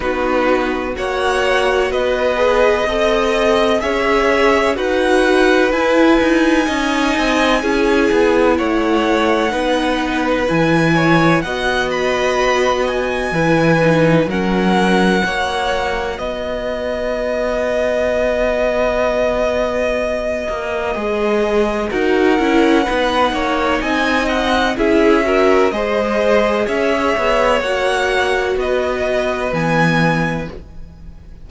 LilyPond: <<
  \new Staff \with { instrumentName = "violin" } { \time 4/4 \tempo 4 = 63 b'4 fis''4 dis''2 | e''4 fis''4 gis''2~ | gis''4 fis''2 gis''4 | fis''8 b''4 gis''4. fis''4~ |
fis''4 dis''2.~ | dis''2. fis''4~ | fis''4 gis''8 fis''8 e''4 dis''4 | e''4 fis''4 dis''4 gis''4 | }
  \new Staff \with { instrumentName = "violin" } { \time 4/4 fis'4 cis''4 b'4 dis''4 | cis''4 b'2 dis''4 | gis'4 cis''4 b'4. cis''8 | dis''2 b'4 ais'4 |
cis''4 b'2.~ | b'2. ais'4 | b'8 cis''8 dis''4 gis'8 ais'8 c''4 | cis''2 b'2 | }
  \new Staff \with { instrumentName = "viola" } { \time 4/4 dis'4 fis'4. gis'8 a'4 | gis'4 fis'4 e'4 dis'4 | e'2 dis'4 e'4 | fis'2 e'8 dis'8 cis'4 |
fis'1~ | fis'2 gis'4 fis'8 e'8 | dis'2 e'8 fis'8 gis'4~ | gis'4 fis'2 b4 | }
  \new Staff \with { instrumentName = "cello" } { \time 4/4 b4 ais4 b4 c'4 | cis'4 dis'4 e'8 dis'8 cis'8 c'8 | cis'8 b8 a4 b4 e4 | b2 e4 fis4 |
ais4 b2.~ | b4. ais8 gis4 dis'8 cis'8 | b8 ais8 c'4 cis'4 gis4 | cis'8 b8 ais4 b4 e4 | }
>>